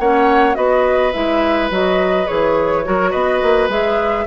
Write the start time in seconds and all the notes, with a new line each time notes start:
0.00 A#3 C#4 C#5 F#5
0.55 B3 F#4 B4 D#5
1.13 G#3 E4 E5
1.70 F#3 F#4 D#5
2.26 E3 G#4 C#5
2.85 F#3 F#4 A#4
3.10 B3 B4 D#5
3.42 A#3
3.69 G#3 G#4 E5